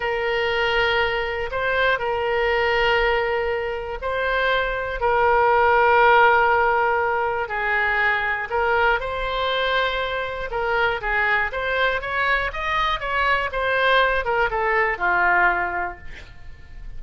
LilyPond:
\new Staff \with { instrumentName = "oboe" } { \time 4/4 \tempo 4 = 120 ais'2. c''4 | ais'1 | c''2 ais'2~ | ais'2. gis'4~ |
gis'4 ais'4 c''2~ | c''4 ais'4 gis'4 c''4 | cis''4 dis''4 cis''4 c''4~ | c''8 ais'8 a'4 f'2 | }